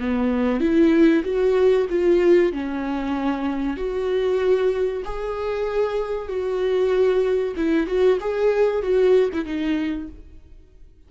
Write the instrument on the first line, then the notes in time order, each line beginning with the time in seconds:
viola
0.00 B3
0.61 E4
1.25 F#4
1.90 F4
2.53 C#4
3.77 F#4
5.05 G#4
6.29 F#4
7.57 E4
7.87 F#4
8.21 G#4
8.83 F#4
9.33 E4
9.46 D#4